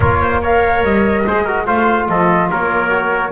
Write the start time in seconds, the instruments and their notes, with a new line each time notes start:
0.00 double bass A#3, trombone F4, trumpet A#4, flute C#5
0.21 trumpet C5
0.41 trombone A#4, trumpet C#5, flute F5
0.83 double bass G3, flute D#5
1.26 double bass G#3, trombone G#4, trumpet C5
1.44 trombone F#4, trumpet A#4
1.66 double bass A3, trombone F4, trumpet C5, flute F5
2.08 double bass F3, trumpet A4, flute D#5
2.50 double bass A#3, trumpet A#4, flute C#5
2.89 trombone F#4